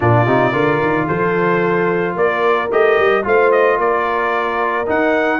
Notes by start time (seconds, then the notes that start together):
0.00 A#2 D4 F4 D5
0.26 C3 D#4
0.52 D3 F4 A#4
0.81 D#3
1.07 F3 A4 C5
2.15 A#3 A#4 D5
2.71 A3 G4 D#5
2.98 G3
3.23 A3 F4 C5 F5
3.51 D#5
3.77 A#3 A#4 D5
4.86 D#4 F#5